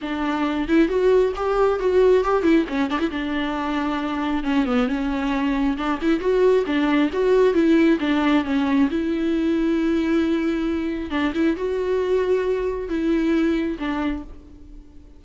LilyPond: \new Staff \with { instrumentName = "viola" } { \time 4/4 \tempo 4 = 135 d'4. e'8 fis'4 g'4 | fis'4 g'8 e'8 cis'8 d'16 e'16 d'4~ | d'2 cis'8 b8 cis'4~ | cis'4 d'8 e'8 fis'4 d'4 |
fis'4 e'4 d'4 cis'4 | e'1~ | e'4 d'8 e'8 fis'2~ | fis'4 e'2 d'4 | }